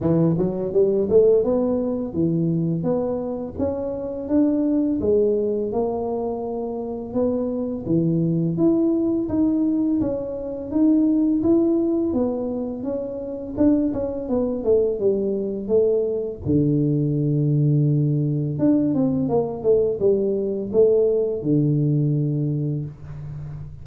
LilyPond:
\new Staff \with { instrumentName = "tuba" } { \time 4/4 \tempo 4 = 84 e8 fis8 g8 a8 b4 e4 | b4 cis'4 d'4 gis4 | ais2 b4 e4 | e'4 dis'4 cis'4 dis'4 |
e'4 b4 cis'4 d'8 cis'8 | b8 a8 g4 a4 d4~ | d2 d'8 c'8 ais8 a8 | g4 a4 d2 | }